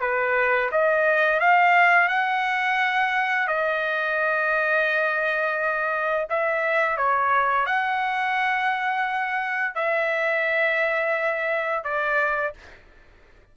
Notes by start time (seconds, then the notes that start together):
0.00 B4
0.71 D#5
1.40 F5
2.08 F#5
3.47 D#5
6.29 E5
6.97 C#5
7.66 F#5
9.75 E5
11.84 D5